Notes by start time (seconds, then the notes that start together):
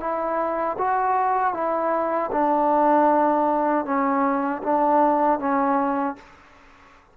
0.00 E4
0.78 F#4
1.53 E4
2.31 D4
3.85 C#4
4.63 D4
5.39 C#4